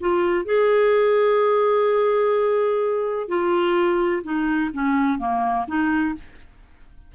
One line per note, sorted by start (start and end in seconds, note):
0.00 0.44 F4
0.44 3.28 G#4
3.28 4.22 F4
4.23 4.70 D#4
4.73 5.18 C#4
5.18 5.65 A#3
5.67 6.14 D#4